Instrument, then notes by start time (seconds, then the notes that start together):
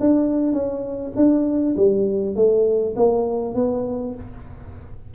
tuba
0.00 D4
0.53 C#4
1.16 D4
1.76 G3
2.35 A3
2.96 A#3
3.55 B3